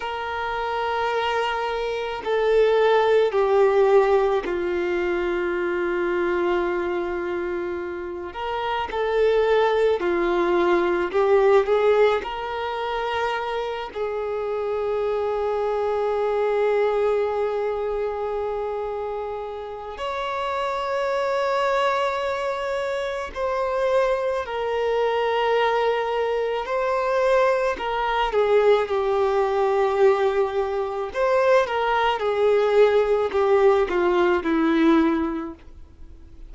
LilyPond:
\new Staff \with { instrumentName = "violin" } { \time 4/4 \tempo 4 = 54 ais'2 a'4 g'4 | f'2.~ f'8 ais'8 | a'4 f'4 g'8 gis'8 ais'4~ | ais'8 gis'2.~ gis'8~ |
gis'2 cis''2~ | cis''4 c''4 ais'2 | c''4 ais'8 gis'8 g'2 | c''8 ais'8 gis'4 g'8 f'8 e'4 | }